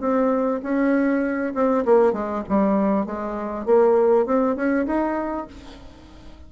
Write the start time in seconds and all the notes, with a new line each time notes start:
0.00 C4
0.63 C#4
1.54 C4
1.85 A#3
2.13 G#3
2.49 G3
3.06 G#3
3.66 A#3
4.26 C4
4.56 C#4
4.86 D#4